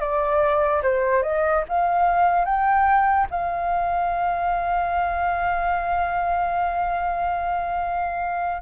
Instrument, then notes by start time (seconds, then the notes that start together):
flute
0.00 D5
0.83 C5
1.23 D#5
1.69 F5
2.45 G5
3.31 F5